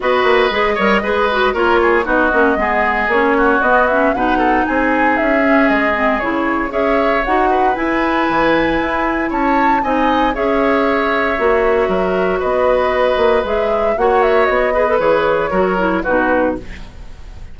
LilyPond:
<<
  \new Staff \with { instrumentName = "flute" } { \time 4/4 \tempo 4 = 116 dis''2. cis''4 | dis''2 cis''4 dis''8 e''8 | fis''4 gis''4 e''4 dis''4 | cis''4 e''4 fis''4 gis''4~ |
gis''2 a''4 gis''4 | e''1 | dis''2 e''4 fis''8 e''8 | dis''4 cis''2 b'4 | }
  \new Staff \with { instrumentName = "oboe" } { \time 4/4 b'4. cis''8 b'4 ais'8 gis'8 | fis'4 gis'4. fis'4. | b'8 a'8 gis'2.~ | gis'4 cis''4. b'4.~ |
b'2 cis''4 dis''4 | cis''2. ais'4 | b'2. cis''4~ | cis''8 b'4. ais'4 fis'4 | }
  \new Staff \with { instrumentName = "clarinet" } { \time 4/4 fis'4 gis'8 ais'8 gis'8 fis'8 f'4 | dis'8 cis'8 b4 cis'4 b8 cis'8 | dis'2~ dis'8 cis'4 c'8 | e'4 gis'4 fis'4 e'4~ |
e'2. dis'4 | gis'2 fis'2~ | fis'2 gis'4 fis'4~ | fis'8 gis'16 a'16 gis'4 fis'8 e'8 dis'4 | }
  \new Staff \with { instrumentName = "bassoon" } { \time 4/4 b8 ais8 gis8 g8 gis4 ais4 | b8 ais8 gis4 ais4 b4 | b,4 c'4 cis'4 gis4 | cis4 cis'4 dis'4 e'4 |
e4 e'4 cis'4 c'4 | cis'2 ais4 fis4 | b4. ais8 gis4 ais4 | b4 e4 fis4 b,4 | }
>>